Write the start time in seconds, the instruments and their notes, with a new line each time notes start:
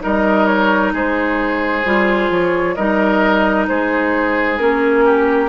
0.00 bassoon G3, clarinet D#4, oboe A#4, flute D#5
0.46 flute C#5
0.93 bassoon G#3, oboe G#4, flute C5
1.85 bassoon G3, clarinet F4
2.30 bassoon F3, flute C#5
2.75 bassoon G3, clarinet D#4, oboe A#4, flute D#5
3.68 bassoon G#3, oboe G#4, flute C5
4.57 bassoon A#3, clarinet C#4, flute A#4
5.05 oboe G4